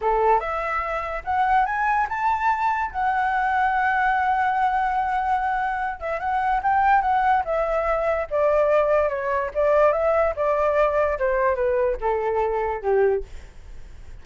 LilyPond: \new Staff \with { instrumentName = "flute" } { \time 4/4 \tempo 4 = 145 a'4 e''2 fis''4 | gis''4 a''2 fis''4~ | fis''1~ | fis''2~ fis''8 e''8 fis''4 |
g''4 fis''4 e''2 | d''2 cis''4 d''4 | e''4 d''2 c''4 | b'4 a'2 g'4 | }